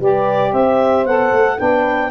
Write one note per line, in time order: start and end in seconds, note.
0.00 0.53 G3
0.00 1.07 G4
0.00 0.51 B4
0.00 0.54 D5
0.51 1.06 C4
0.51 1.58 C5
0.51 1.06 E5
1.06 1.33 B3
1.06 1.58 A4
1.06 1.59 F#5
1.33 1.59 A3
1.58 2.12 B3
1.58 2.11 D4
1.58 2.11 B4
1.58 2.12 G5